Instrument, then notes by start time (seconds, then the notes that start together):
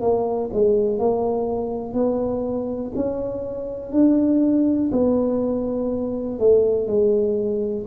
tuba
0.00 A#3
0.53 G#3
0.99 A#3
1.94 B3
2.95 C#4
3.92 D4
4.91 B3
6.38 A3
6.87 G#3